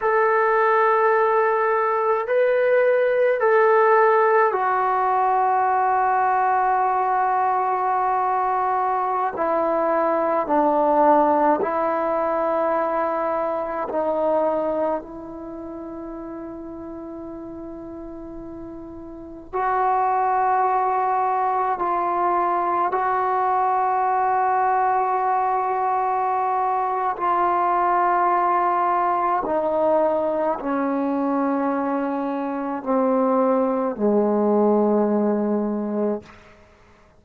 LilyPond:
\new Staff \with { instrumentName = "trombone" } { \time 4/4 \tempo 4 = 53 a'2 b'4 a'4 | fis'1~ | fis'16 e'4 d'4 e'4.~ e'16~ | e'16 dis'4 e'2~ e'8.~ |
e'4~ e'16 fis'2 f'8.~ | f'16 fis'2.~ fis'8. | f'2 dis'4 cis'4~ | cis'4 c'4 gis2 | }